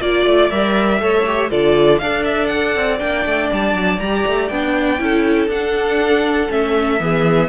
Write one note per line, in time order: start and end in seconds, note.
0.00 0.25 A#3
0.00 0.51 F4
0.00 1.00 D5
0.00 0.50 D5
0.25 0.50 A3
0.50 1.00 G3
0.50 0.99 A#4
0.50 1.50 E5
0.99 1.50 A3
0.99 1.24 A4
0.99 1.50 C#5
1.26 1.50 G4
1.50 2.01 D3
1.50 2.00 F4
1.50 2.00 A4
1.50 1.98 D5
1.98 2.75 D4
1.98 2.99 A4
1.98 5.02 D5
1.98 2.23 F5
2.24 2.46 E5
2.46 2.96 F#5
2.75 3.00 C4
2.99 3.25 A#3
2.99 3.99 D4
2.99 3.49 G5
3.25 3.50 A3
3.52 3.73 G3
3.52 3.99 A5
3.73 3.98 F#3
3.99 4.24 G3
3.99 4.51 G4
3.99 4.48 A#5
4.26 4.50 A3
4.48 4.99 B3
4.48 4.98 D4
4.48 5.48 G5
4.98 5.47 C#4
4.98 5.48 E4
4.98 7.02 A4
5.47 6.47 D4
5.47 6.49 D4
5.47 6.51 F#5
6.49 6.99 A3
6.49 6.99 C#4
6.49 7.49 E5
6.99 7.49 E3
6.99 7.49 B3
6.99 7.49 G#4